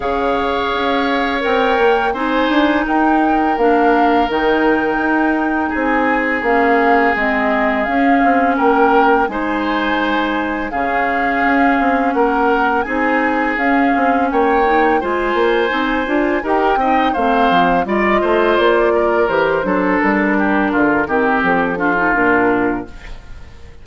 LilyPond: <<
  \new Staff \with { instrumentName = "flute" } { \time 4/4 \tempo 4 = 84 f''2 g''4 gis''4 | g''4 f''4 g''2 | gis''4 f''4 dis''4 f''4 | g''4 gis''2 f''4~ |
f''4 fis''4 gis''4 f''4 | g''4 gis''2 g''4 | f''4 dis''4 d''4 c''4 | ais'2 a'4 ais'4 | }
  \new Staff \with { instrumentName = "oboe" } { \time 4/4 cis''2. c''4 | ais'1 | gis'1 | ais'4 c''2 gis'4~ |
gis'4 ais'4 gis'2 | cis''4 c''2 ais'8 dis''8 | c''4 d''8 c''4 ais'4 a'8~ | a'8 g'8 f'8 g'4 f'4. | }
  \new Staff \with { instrumentName = "clarinet" } { \time 4/4 gis'2 ais'4 dis'4~ | dis'4 d'4 dis'2~ | dis'4 cis'4 c'4 cis'4~ | cis'4 dis'2 cis'4~ |
cis'2 dis'4 cis'4~ | cis'8 dis'8 f'4 dis'8 f'8 g'8 dis'8 | c'4 f'2 g'8 d'8~ | d'4. c'4 d'16 dis'16 d'4 | }
  \new Staff \with { instrumentName = "bassoon" } { \time 4/4 cis4 cis'4 c'8 ais8 c'8 d'8 | dis'4 ais4 dis4 dis'4 | c'4 ais4 gis4 cis'8 c'8 | ais4 gis2 cis4 |
cis'8 c'8 ais4 c'4 cis'8 c'8 | ais4 gis8 ais8 c'8 d'8 dis'8 c'8 | a8 f8 g8 a8 ais4 e8 fis8 | g4 d8 dis8 f4 ais,4 | }
>>